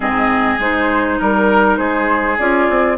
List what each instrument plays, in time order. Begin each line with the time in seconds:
0.00 bassoon G#2, clarinet C4, oboe G#4, flute D#5
0.59 bassoon G#3, clarinet D#4, flute C5
1.19 bassoon G3, flute A#4, oboe A#4
1.77 bassoon G#3, oboe G#4, flute C5
2.38 bassoon C#4, clarinet F4, flute D5
2.69 bassoon C4